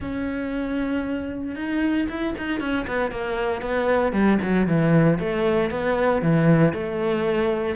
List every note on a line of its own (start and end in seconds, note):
0.00 1.55 C#4
1.55 2.07 D#4
2.08 2.34 E4
2.38 2.60 D#4
2.60 2.86 C#4
2.87 3.11 B3
3.11 3.61 A#3
3.61 4.12 B3
4.12 4.38 G3
4.42 4.67 F#3
4.67 5.19 E3
5.19 5.70 A3
5.70 6.22 B3
6.22 6.73 E3
6.73 7.75 A3